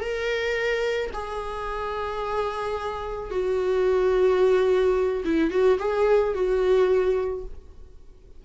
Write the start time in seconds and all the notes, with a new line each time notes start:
0.00 A#4
1.13 G#4
3.31 F#4
5.25 E4
5.51 F#4
5.79 G#4
6.34 F#4